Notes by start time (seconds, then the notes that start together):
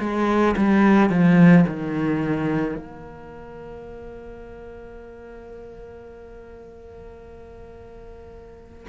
0.00 G#3
0.57 G3
1.10 F3
1.67 D#3
2.76 A#3